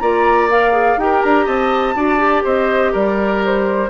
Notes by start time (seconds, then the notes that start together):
0.00 A#3 F4 D5 A#5
0.50 A#4 F5
0.72 G#4
0.97 D#4 G4 G5
1.03 A#4
1.23 D4 A#5
1.46 C4 D#5 A5
1.96 D4 F#4 D5
2.18 G4
2.44 C4 C5 D#5
2.92 G3 A#4 D5
3.46 C5